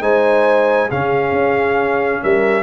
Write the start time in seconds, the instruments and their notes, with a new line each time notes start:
0.00 tuba G#3, trombone D#4, horn C5, trumpet G#5
0.88 tuba C#3, trombone C#4, horn G#4, trumpet F5
1.31 tuba C#4
2.23 tuba G3, horn A#4, trumpet E5